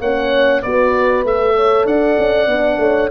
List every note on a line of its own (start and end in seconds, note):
0.00 0.62 A#3
0.00 0.64 C#4
0.00 0.62 C#5
0.00 0.62 F#5
0.62 1.24 B3
0.62 1.26 F#4
0.62 1.55 B4
0.62 1.24 D5
1.24 1.85 A3
1.24 2.49 A4
1.24 1.86 E5
1.56 1.85 C#5
1.85 2.16 D4
1.85 2.78 D5
1.85 3.10 F#5
2.18 2.46 C#4
2.46 2.77 B3
2.46 3.10 D4
2.78 3.09 A3
2.78 3.10 C#5